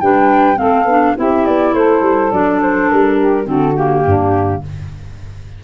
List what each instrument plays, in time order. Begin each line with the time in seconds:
0.00 tuba G3, clarinet D4, saxophone B4, flute G5
0.56 tuba A3, clarinet C4, saxophone A4, flute F5
0.85 tuba B3, clarinet D4
1.16 tuba C4, clarinet E4, saxophone G4, flute E5
1.46 tuba B3, flute D5
1.73 tuba A3, saxophone A4, flute C5
2.01 tuba G3
2.31 tuba F#3, clarinet D4, flute D5
2.62 flute C5
2.90 tuba G3, flute A#4
3.19 saxophone G4
3.44 tuba D3, clarinet C4, saxophone F#4, flute A4
3.76 clarinet A#3, flute G4
4.05 tuba G2, saxophone D4